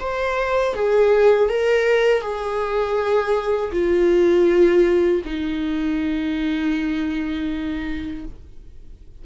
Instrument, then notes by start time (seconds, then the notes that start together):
viola
0.00 C5
0.75 G#4
1.49 A#4
2.22 G#4
3.72 F4
5.25 D#4